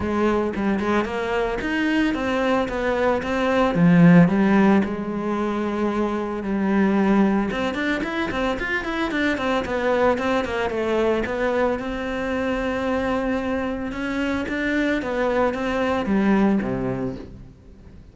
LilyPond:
\new Staff \with { instrumentName = "cello" } { \time 4/4 \tempo 4 = 112 gis4 g8 gis8 ais4 dis'4 | c'4 b4 c'4 f4 | g4 gis2. | g2 c'8 d'8 e'8 c'8 |
f'8 e'8 d'8 c'8 b4 c'8 ais8 | a4 b4 c'2~ | c'2 cis'4 d'4 | b4 c'4 g4 c4 | }